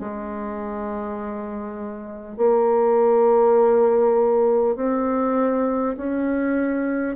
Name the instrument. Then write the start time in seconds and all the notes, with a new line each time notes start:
bassoon
0.00 G#3
2.37 A#3
4.76 C4
5.97 C#4